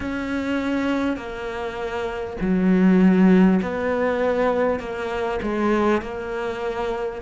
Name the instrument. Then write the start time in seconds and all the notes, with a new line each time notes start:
cello
0.00 C#4
1.17 A#3
2.40 F#3
3.62 B3
4.79 A#3
5.42 G#3
6.01 A#3